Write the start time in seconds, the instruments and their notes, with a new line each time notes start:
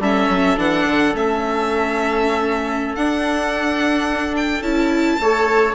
0.00 bassoon G3, viola C#4, trumpet A4, violin E5
0.29 bassoon F#3
0.57 bassoon E3, viola D4, violin F#5
0.87 bassoon D3
1.14 bassoon A3, viola C#4, violin E5
2.95 bassoon D4, viola D4, violin F#5
4.37 violin G5
4.61 bassoon C#4, viola E4, violin A5
5.20 bassoon A3, viola A4, trumpet C#5